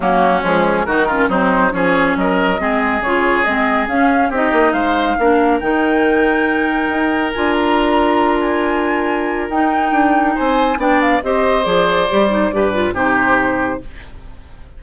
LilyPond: <<
  \new Staff \with { instrumentName = "flute" } { \time 4/4 \tempo 4 = 139 fis'4 gis'4 ais'4 c''4 | cis''4 dis''2 cis''4 | dis''4 f''4 dis''4 f''4~ | f''4 g''2.~ |
g''4 gis''8 ais''2 gis''8~ | gis''2 g''2 | gis''4 g''8 f''8 dis''4 d''4~ | d''2 c''2 | }
  \new Staff \with { instrumentName = "oboe" } { \time 4/4 cis'2 fis'8 f'8 dis'4 | gis'4 ais'4 gis'2~ | gis'2 g'4 c''4 | ais'1~ |
ais'1~ | ais'1 | c''4 d''4 c''2~ | c''4 b'4 g'2 | }
  \new Staff \with { instrumentName = "clarinet" } { \time 4/4 ais4 gis4 dis'8 cis'8 c'4 | cis'2 c'4 f'4 | c'4 cis'4 dis'2 | d'4 dis'2.~ |
dis'4 f'2.~ | f'2 dis'2~ | dis'4 d'4 g'4 gis'4 | g'8 dis'8 g'8 f'8 dis'2 | }
  \new Staff \with { instrumentName = "bassoon" } { \time 4/4 fis4 f4 dis4 fis4 | f4 fis4 gis4 cis4 | gis4 cis'4 c'8 ais8 gis4 | ais4 dis2. |
dis'4 d'2.~ | d'2 dis'4 d'4 | c'4 b4 c'4 f4 | g4 g,4 c2 | }
>>